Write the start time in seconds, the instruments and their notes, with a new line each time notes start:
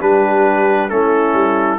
0.00 tuba G3, trombone D4, horn G4, trumpet B4
0.89 tuba A3, trombone C#4, horn E4, trumpet A4
1.34 tuba G3